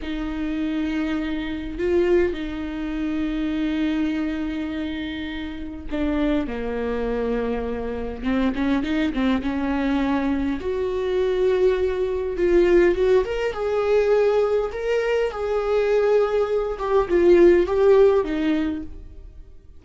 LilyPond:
\new Staff \with { instrumentName = "viola" } { \time 4/4 \tempo 4 = 102 dis'2. f'4 | dis'1~ | dis'2 d'4 ais4~ | ais2 c'8 cis'8 dis'8 c'8 |
cis'2 fis'2~ | fis'4 f'4 fis'8 ais'8 gis'4~ | gis'4 ais'4 gis'2~ | gis'8 g'8 f'4 g'4 dis'4 | }